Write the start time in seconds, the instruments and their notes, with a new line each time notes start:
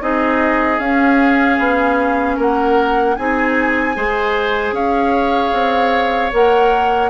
0.00 bassoon C4, clarinet D#4, oboe G#4, flute D#5
0.79 bassoon C#4, clarinet C#4, flute F5
1.58 bassoon B3
2.36 bassoon A#3, oboe A#4, flute F#5
3.15 bassoon C4, clarinet D#4, oboe G#4, flute G#5
3.95 bassoon G#3, clarinet G#4, oboe C5
4.72 bassoon C#4, oboe C#5, flute F5
5.52 bassoon C4
6.32 bassoon A#3, clarinet A#4, flute F#5